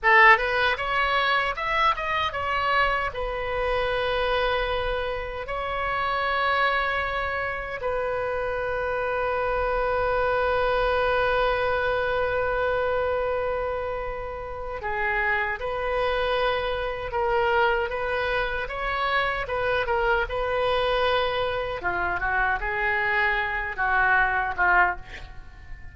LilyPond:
\new Staff \with { instrumentName = "oboe" } { \time 4/4 \tempo 4 = 77 a'8 b'8 cis''4 e''8 dis''8 cis''4 | b'2. cis''4~ | cis''2 b'2~ | b'1~ |
b'2. gis'4 | b'2 ais'4 b'4 | cis''4 b'8 ais'8 b'2 | f'8 fis'8 gis'4. fis'4 f'8 | }